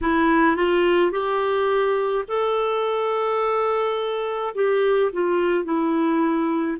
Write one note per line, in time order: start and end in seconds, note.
0.01 0.56 E4
0.56 1.11 F4
1.11 2.24 G4
2.27 4.54 A4
4.54 5.11 G4
5.12 5.64 F4
5.64 6.77 E4